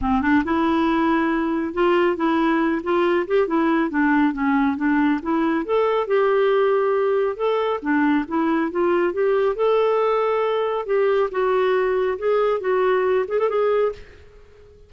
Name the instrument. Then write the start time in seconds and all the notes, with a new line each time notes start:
clarinet
0.01 C4
0.21 D4
0.44 E4
1.73 F4
2.16 E4
2.83 F4
3.27 G4
3.47 E4
3.90 D4
4.33 C#4
4.76 D4
5.22 E4
5.65 A4
6.07 G4
7.36 A4
7.82 D4
8.28 E4
8.71 F4
9.13 G4
9.55 A4
10.86 G4
11.31 F#4
12.18 G#4
12.60 F#4
13.27 G#4
13.39 A4
13.49 G#4